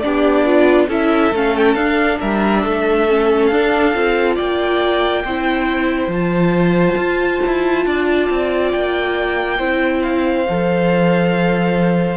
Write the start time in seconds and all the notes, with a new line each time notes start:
0.00 B3 D4 G4 D5
0.45 F4
0.88 C#4 E4 A4 E5
1.32 A3 C#4 F5
1.57 G5
1.75 D4 F5
2.19 G3 A#4 E5
2.62 A3 A4
3.09 C#4
3.46 D4 F5
3.94 C4 F4
4.36 A#3 D5 G5
5.24 C4 E4 C5
6.08 F3 F4 A5
6.97 F4
7.47 E4
7.86 D4 D5
8.30 C4
8.71 A#3 G5
9.59 C4 E4 C5
10.03 F5
10.49 F3 A4